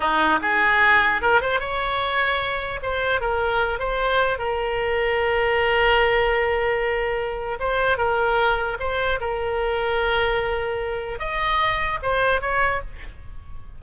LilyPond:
\new Staff \with { instrumentName = "oboe" } { \time 4/4 \tempo 4 = 150 dis'4 gis'2 ais'8 c''8 | cis''2. c''4 | ais'4. c''4. ais'4~ | ais'1~ |
ais'2. c''4 | ais'2 c''4 ais'4~ | ais'1 | dis''2 c''4 cis''4 | }